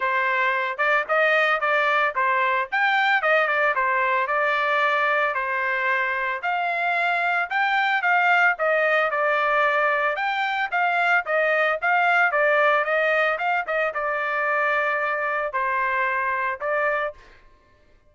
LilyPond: \new Staff \with { instrumentName = "trumpet" } { \time 4/4 \tempo 4 = 112 c''4. d''8 dis''4 d''4 | c''4 g''4 dis''8 d''8 c''4 | d''2 c''2 | f''2 g''4 f''4 |
dis''4 d''2 g''4 | f''4 dis''4 f''4 d''4 | dis''4 f''8 dis''8 d''2~ | d''4 c''2 d''4 | }